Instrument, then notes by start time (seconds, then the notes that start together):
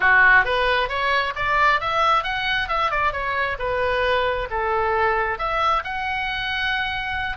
oboe
0.00 F#4
0.45 B4
0.88 C#5
1.35 D5
1.80 E5
2.23 F#5
2.68 E5
2.90 D5
3.12 C#5
3.58 B4
4.50 A4
5.38 E5
5.84 F#5